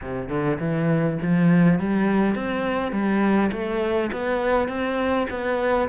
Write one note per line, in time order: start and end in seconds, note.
0.01 0.29 C3
0.29 0.58 D3
0.59 1.18 E3
1.22 1.79 F3
1.79 2.35 G3
2.35 2.91 C4
2.91 3.50 G3
3.52 4.10 A3
4.12 4.68 B3
4.68 5.27 C4
5.29 5.88 B3